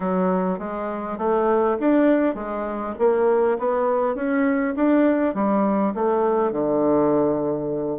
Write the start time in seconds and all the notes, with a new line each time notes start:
0.00 F#3
0.58 G#3
1.18 A3
1.80 D4
2.34 G#3
2.98 A#3
3.58 B3
4.14 C#4
4.76 D4
5.34 G3
5.94 A3
6.52 D3